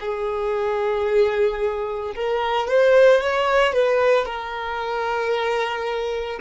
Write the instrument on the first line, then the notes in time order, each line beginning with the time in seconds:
violin
0.00 G#4
2.15 A#4
2.67 C5
3.20 C#5
3.73 B4
4.25 A#4